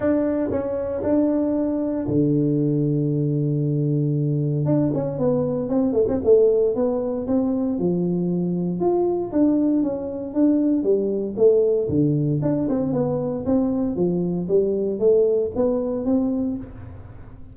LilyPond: \new Staff \with { instrumentName = "tuba" } { \time 4/4 \tempo 4 = 116 d'4 cis'4 d'2 | d1~ | d4 d'8 cis'8 b4 c'8 a16 c'16 | a4 b4 c'4 f4~ |
f4 f'4 d'4 cis'4 | d'4 g4 a4 d4 | d'8 c'8 b4 c'4 f4 | g4 a4 b4 c'4 | }